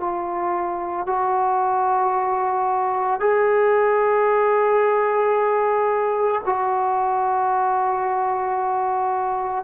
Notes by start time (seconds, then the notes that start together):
0.00 F4
1.06 F#4
3.20 G#4
6.45 F#4